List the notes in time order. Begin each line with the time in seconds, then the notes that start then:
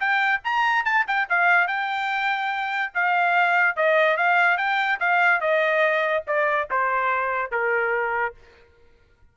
0.00 G5
0.45 A#5
0.85 A5
1.08 G5
1.30 F5
1.68 G5
2.95 F5
3.77 D#5
4.17 F5
4.58 G5
5.00 F5
5.41 D#5
6.27 D5
6.71 C5
7.52 A#4